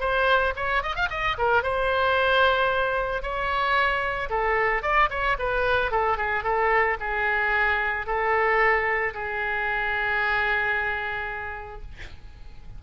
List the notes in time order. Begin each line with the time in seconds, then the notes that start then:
0.00 C5
0.56 C#5
0.83 D#5
0.96 F5
1.10 D#5
1.38 A#4
1.63 C5
3.22 C#5
4.30 A4
4.83 D5
5.10 C#5
5.39 B4
5.91 A4
6.17 G#4
6.44 A4
7.00 G#4
8.06 A4
9.14 G#4